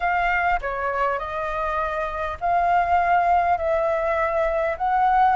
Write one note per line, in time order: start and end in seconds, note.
0.00 0.59 F5
0.61 1.19 C#5
1.19 2.37 D#5
2.40 3.57 F5
3.57 4.76 E5
4.77 5.35 F#5